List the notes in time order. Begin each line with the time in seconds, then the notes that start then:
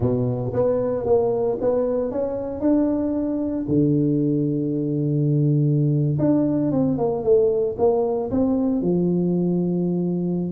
0.00 B2
0.53 B3
1.06 A#3
1.61 B3
2.11 C#4
2.60 D4
3.67 D3
6.18 D4
6.71 C4
6.98 A#3
7.23 A3
7.78 A#3
8.31 C4
8.81 F3